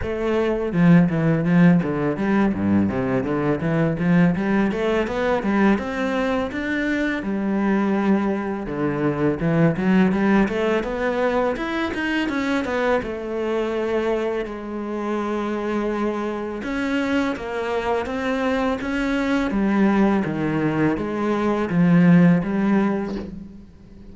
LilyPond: \new Staff \with { instrumentName = "cello" } { \time 4/4 \tempo 4 = 83 a4 f8 e8 f8 d8 g8 g,8 | c8 d8 e8 f8 g8 a8 b8 g8 | c'4 d'4 g2 | d4 e8 fis8 g8 a8 b4 |
e'8 dis'8 cis'8 b8 a2 | gis2. cis'4 | ais4 c'4 cis'4 g4 | dis4 gis4 f4 g4 | }